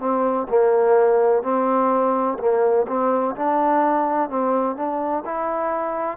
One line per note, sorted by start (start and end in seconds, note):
0.00 0.48 C4
0.49 1.43 A#3
1.43 2.39 C4
2.39 2.87 A#3
2.88 3.36 C4
3.36 4.30 D4
4.30 4.77 C4
4.77 5.24 D4
5.26 6.18 E4